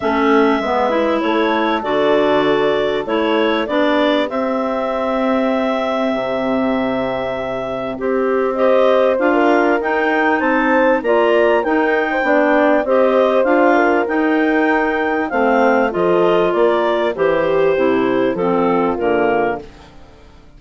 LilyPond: <<
  \new Staff \with { instrumentName = "clarinet" } { \time 4/4 \tempo 4 = 98 e''2 cis''4 d''4~ | d''4 cis''4 d''4 e''4~ | e''1~ | e''4 g'4 dis''4 f''4 |
g''4 a''4 ais''4 g''4~ | g''4 dis''4 f''4 g''4~ | g''4 f''4 dis''4 d''4 | c''2 a'4 ais'4 | }
  \new Staff \with { instrumentName = "horn" } { \time 4/4 a'4 b'4 a'2~ | a'2 g'2~ | g'1~ | g'2 c''4~ c''16 ais'8.~ |
ais'4 c''4 d''4 ais'8. c''16 | d''4 c''4. ais'4.~ | ais'4 c''4 a'4 ais'4 | g'2 f'2 | }
  \new Staff \with { instrumentName = "clarinet" } { \time 4/4 cis'4 b8 e'4. fis'4~ | fis'4 e'4 d'4 c'4~ | c'1~ | c'2 g'4 f'4 |
dis'2 f'4 dis'4 | d'4 g'4 f'4 dis'4~ | dis'4 c'4 f'2 | g'4 e'4 c'4 ais4 | }
  \new Staff \with { instrumentName = "bassoon" } { \time 4/4 a4 gis4 a4 d4~ | d4 a4 b4 c'4~ | c'2 c2~ | c4 c'2 d'4 |
dis'4 c'4 ais4 dis'4 | b4 c'4 d'4 dis'4~ | dis'4 a4 f4 ais4 | e4 c4 f4 d4 | }
>>